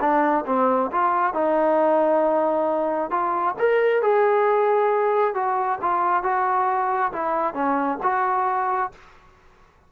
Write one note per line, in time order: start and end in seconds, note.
0.00 0.44 D4
0.46 0.90 C4
0.91 1.33 F4
1.33 3.10 D#4
3.10 3.54 F4
3.58 4.02 A#4
4.02 5.34 G#4
5.34 5.78 F#4
5.81 6.23 F4
6.23 7.12 F#4
7.12 7.54 E4
7.54 7.98 C#4
8.02 8.91 F#4